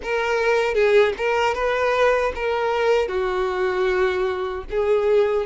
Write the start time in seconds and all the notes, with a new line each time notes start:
0.02 A#4
0.74 G#4
1.17 A#4
1.54 B4
2.35 A#4
3.08 F#4
4.70 G#4